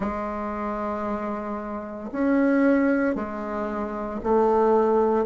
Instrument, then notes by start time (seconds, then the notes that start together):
bassoon
0.00 G#3
2.11 C#4
3.15 G#3
4.23 A3